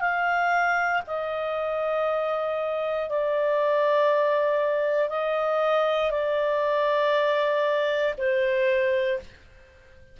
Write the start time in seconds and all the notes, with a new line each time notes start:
0.00 F5
1.07 D#5
3.10 D5
5.09 D#5
6.11 D5
8.18 C5